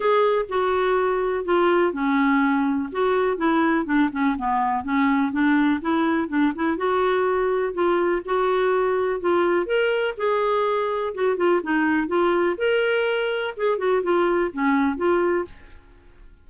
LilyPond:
\new Staff \with { instrumentName = "clarinet" } { \time 4/4 \tempo 4 = 124 gis'4 fis'2 f'4 | cis'2 fis'4 e'4 | d'8 cis'8 b4 cis'4 d'4 | e'4 d'8 e'8 fis'2 |
f'4 fis'2 f'4 | ais'4 gis'2 fis'8 f'8 | dis'4 f'4 ais'2 | gis'8 fis'8 f'4 cis'4 f'4 | }